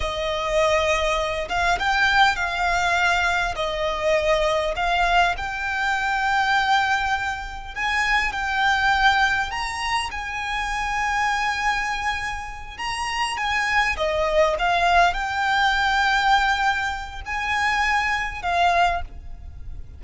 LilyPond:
\new Staff \with { instrumentName = "violin" } { \time 4/4 \tempo 4 = 101 dis''2~ dis''8 f''8 g''4 | f''2 dis''2 | f''4 g''2.~ | g''4 gis''4 g''2 |
ais''4 gis''2.~ | gis''4. ais''4 gis''4 dis''8~ | dis''8 f''4 g''2~ g''8~ | g''4 gis''2 f''4 | }